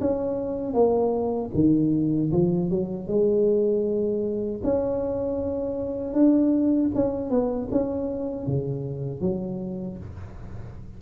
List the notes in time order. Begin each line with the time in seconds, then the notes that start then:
0.00 C#4
0.73 A#3
1.54 D#3
2.32 F3
2.70 F#3
3.07 G#3
4.63 C#4
6.13 D4
6.94 C#4
7.30 B3
7.71 C#4
8.47 C#3
9.21 F#3